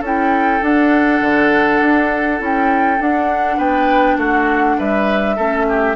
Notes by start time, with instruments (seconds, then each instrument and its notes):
0.00 bassoon C#4, clarinet E4, oboe A4, flute G5
0.61 clarinet D4, bassoon D4, flute F#5
1.21 bassoon D3
1.81 bassoon D4
2.38 bassoon C#4, clarinet E4
2.44 flute G5
2.99 clarinet D4, bassoon D4, flute F#5
3.57 bassoon B3, oboe B4, flute G5
4.17 bassoon A3, oboe F#4, flute F#5
4.78 bassoon G3, oboe B4, flute E5
5.36 bassoon A3, clarinet C#4, oboe A4
5.69 oboe G4